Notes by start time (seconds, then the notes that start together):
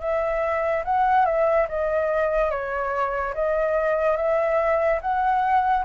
0.00 E5
0.84 F#5
1.25 E5
1.69 D#5
2.50 C#5
3.34 D#5
4.16 E5
5.01 F#5